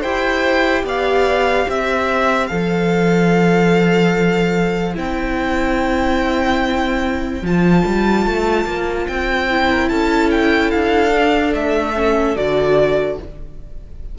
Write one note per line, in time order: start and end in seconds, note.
0.00 0.83 E4
0.00 2.49 G4
0.00 0.82 C5
0.00 0.84 G5
0.83 1.66 B3
0.83 1.67 D5
0.83 1.70 F5
1.67 2.50 C4
1.67 9.68 C5
1.67 2.47 E5
2.47 4.97 F3
2.47 4.93 A4
2.47 4.93 F5
4.93 7.42 C4
4.93 7.40 E4
4.93 7.45 G5
7.42 7.83 F3
7.42 9.50 F4
7.42 9.07 A5
7.85 8.26 G3
8.26 8.65 A3
8.65 9.06 A#3
9.07 9.91 C4
9.07 9.89 G5
9.50 11.10 E4
9.69 9.89 A#4
9.89 10.73 C#4
9.89 13.18 A4
9.89 10.30 A5
10.30 10.71 G5
10.71 11.53 D4
10.71 11.53 F5
11.10 11.92 D4
11.53 12.36 A3
11.53 12.36 E5
11.95 12.36 C#4
12.36 13.18 D3
12.36 13.18 F#4
12.36 13.18 D5